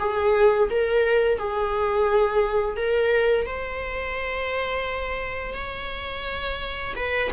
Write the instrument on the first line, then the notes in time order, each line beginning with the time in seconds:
viola
0.00 G#4
0.71 A#4
1.39 G#4
2.77 A#4
3.47 C5
5.55 C#5
6.96 B4